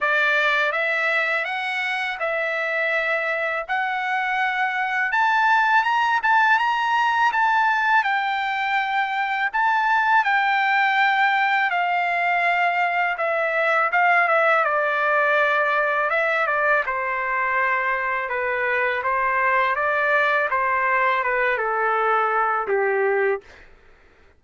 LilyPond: \new Staff \with { instrumentName = "trumpet" } { \time 4/4 \tempo 4 = 82 d''4 e''4 fis''4 e''4~ | e''4 fis''2 a''4 | ais''8 a''8 ais''4 a''4 g''4~ | g''4 a''4 g''2 |
f''2 e''4 f''8 e''8 | d''2 e''8 d''8 c''4~ | c''4 b'4 c''4 d''4 | c''4 b'8 a'4. g'4 | }